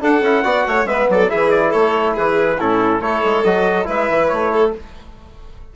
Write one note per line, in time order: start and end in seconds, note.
0.00 0.21 D4
0.00 0.22 D4
0.00 0.44 A4
0.00 0.87 F#5
0.22 0.43 C#4
0.22 0.44 E4
0.44 0.66 B3
0.44 0.87 F#4
0.44 0.66 D5
0.67 0.85 A3
0.67 0.89 C#5
0.85 1.06 G#3
0.85 1.29 B3
0.85 1.10 B4
0.85 1.08 E5
1.09 1.31 F#3
1.09 1.31 A4
1.09 1.30 D5
1.29 1.74 E3
1.29 2.57 E4
1.29 1.70 G#4
1.29 1.51 E5
1.51 1.72 D5
1.70 2.17 A3
1.70 2.13 A4
1.70 2.15 C#5
2.14 2.60 E3
2.14 2.57 G#4
2.14 2.60 B4
2.59 3.01 A2
2.59 3.02 C#4
2.59 3.02 E4
2.59 3.01 A4
3.01 3.22 A3
3.01 3.44 E4
3.01 3.87 A4
3.01 3.44 C#5
3.25 3.44 G#3
3.44 3.87 F#3
3.44 3.85 F#4
3.44 3.87 D#5
3.85 4.10 G#3
3.85 4.70 E4
3.85 4.51 B4
3.85 4.28 E5
4.10 4.32 E3
4.28 4.76 A3
4.28 4.71 C#5
4.52 4.74 A4